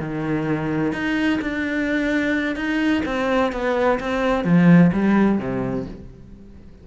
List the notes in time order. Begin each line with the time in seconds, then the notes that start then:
0.00 D#3
0.93 D#4
1.41 D4
2.56 D#4
3.06 C4
3.52 B3
4.00 C4
4.44 F3
4.93 G3
5.39 C3